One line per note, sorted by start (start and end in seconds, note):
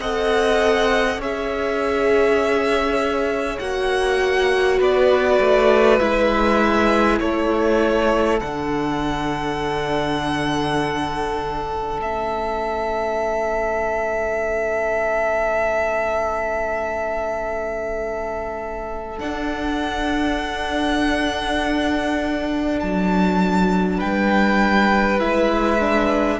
0.00 1.17 C4
0.00 1.21 A4
0.00 1.19 D#5
0.00 1.21 F#5
1.17 3.57 C#4
1.17 3.60 G#4
1.17 4.78 C#5
1.17 3.59 E5
3.59 4.79 A#3
3.59 6.00 F#4
3.59 4.79 F#5
4.78 5.40 B3
4.78 7.18 B4
4.78 5.98 D5
5.40 6.00 A3
5.98 7.21 G#3
5.98 8.40 E4
5.98 7.18 E5
7.20 8.41 A3
7.20 23.97 A4
7.20 8.39 C#5
8.40 11.99 D3
8.40 11.98 D4
8.40 12.00 F#5
11.98 19.19 A3
11.98 19.18 C#4
11.98 19.19 E5
19.19 25.19 D4
19.19 22.82 D4
19.19 22.79 F#5
22.80 24.02 F#3
22.80 24.00 A5
23.97 25.20 G3
23.97 26.37 B4
23.97 25.19 G5
25.19 26.39 G#3
25.19 25.79 E4
25.19 26.39 E5
25.80 26.39 D4